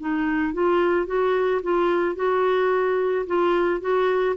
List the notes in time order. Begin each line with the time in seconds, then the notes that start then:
0.00 D#4
0.54 F4
1.07 F#4
1.63 F4
2.16 F#4
3.27 F4
3.81 F#4